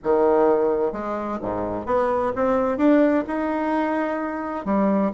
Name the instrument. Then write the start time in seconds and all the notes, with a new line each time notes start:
bassoon
0.03 D#3
0.92 G#3
1.41 G#2
1.86 B3
2.35 C4
2.77 D4
3.27 D#4
4.65 G3